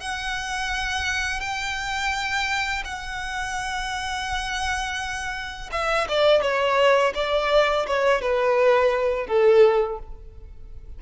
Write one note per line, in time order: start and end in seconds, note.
0.00 1.40 F#5
1.40 2.83 G5
2.85 5.70 F#5
5.72 6.07 E5
6.08 6.42 D5
6.42 7.13 C#5
7.15 7.86 D5
7.87 8.21 C#5
8.21 9.27 B4
9.27 9.98 A4